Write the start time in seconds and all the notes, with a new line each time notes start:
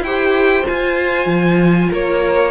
0.00 E4 G4 C5 G5
0.63 F4 G#5
1.26 F3
1.89 A#3 A#4 C#5